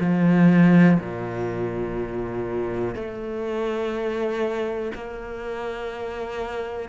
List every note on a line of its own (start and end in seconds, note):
0.00 0.98 F3
0.99 2.95 A#2
2.95 4.92 A3
4.95 6.89 A#3